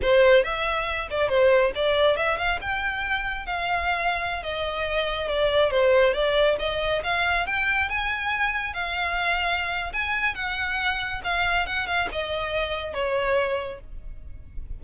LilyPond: \new Staff \with { instrumentName = "violin" } { \time 4/4 \tempo 4 = 139 c''4 e''4. d''8 c''4 | d''4 e''8 f''8 g''2 | f''2~ f''16 dis''4.~ dis''16~ | dis''16 d''4 c''4 d''4 dis''8.~ |
dis''16 f''4 g''4 gis''4.~ gis''16~ | gis''16 f''2~ f''8. gis''4 | fis''2 f''4 fis''8 f''8 | dis''2 cis''2 | }